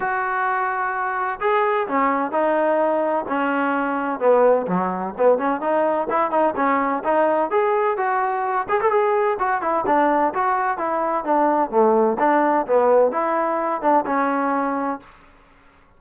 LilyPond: \new Staff \with { instrumentName = "trombone" } { \time 4/4 \tempo 4 = 128 fis'2. gis'4 | cis'4 dis'2 cis'4~ | cis'4 b4 fis4 b8 cis'8 | dis'4 e'8 dis'8 cis'4 dis'4 |
gis'4 fis'4. gis'16 a'16 gis'4 | fis'8 e'8 d'4 fis'4 e'4 | d'4 a4 d'4 b4 | e'4. d'8 cis'2 | }